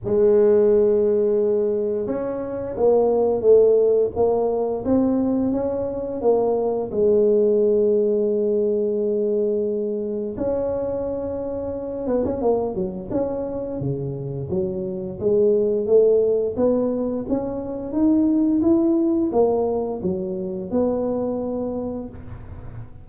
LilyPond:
\new Staff \with { instrumentName = "tuba" } { \time 4/4 \tempo 4 = 87 gis2. cis'4 | ais4 a4 ais4 c'4 | cis'4 ais4 gis2~ | gis2. cis'4~ |
cis'4. b16 cis'16 ais8 fis8 cis'4 | cis4 fis4 gis4 a4 | b4 cis'4 dis'4 e'4 | ais4 fis4 b2 | }